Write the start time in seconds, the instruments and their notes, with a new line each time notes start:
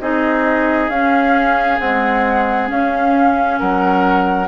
0.00 bassoon C4, clarinet D#4, oboe G#4, flute D#5
0.89 bassoon C#4, clarinet C#4, flute F5
1.79 clarinet G#3, bassoon C4, flute F#5
2.68 clarinet C#4, bassoon C#4, flute F5
3.59 bassoon F#3, oboe A#4, flute F#5